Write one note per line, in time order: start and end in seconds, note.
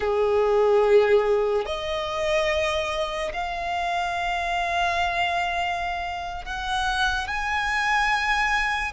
0.00 1.65 G#4
1.65 3.32 D#5
3.33 6.45 F5
6.45 7.27 F#5
7.27 8.92 G#5